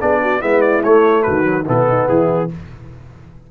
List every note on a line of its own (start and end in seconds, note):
0.00 0.43 B3
0.00 0.41 D4
0.00 0.21 G#4
0.00 0.42 D5
0.22 0.41 F#4
0.41 0.84 G#3
0.41 0.83 B3
0.41 1.24 E4
0.41 0.62 E5
0.62 0.83 D5
0.84 1.45 A3
0.84 1.27 A3
0.84 1.23 C#5
1.23 1.69 D#3
1.23 1.65 F#4
1.23 1.64 B4
1.45 1.65 F#3
1.66 2.10 B2
1.66 2.49 B3
1.66 1.88 E4
1.66 2.09 A4
1.89 2.09 D#4
2.09 2.51 E3
2.09 2.50 E4
2.09 2.50 G#4